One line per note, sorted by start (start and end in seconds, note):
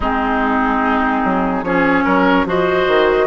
0.00 1.21 G#3
0.00 1.65 C4
0.00 1.65 D#4
0.00 1.63 G#4
1.24 1.62 F#3
1.62 2.03 F3
1.62 2.46 C#4
1.62 2.04 G#4
1.62 2.46 C#5
2.04 2.45 F#3
2.04 2.45 A#4
2.45 2.86 F3
2.45 3.26 F#4
2.45 3.26 C5
2.45 3.26 D#5
2.87 3.26 D#3